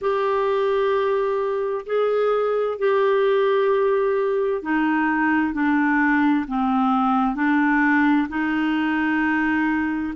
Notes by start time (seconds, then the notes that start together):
0.01 G4
1.85 G#4
2.78 G4
4.62 D#4
5.53 D4
6.47 C4
7.35 D4
8.28 D#4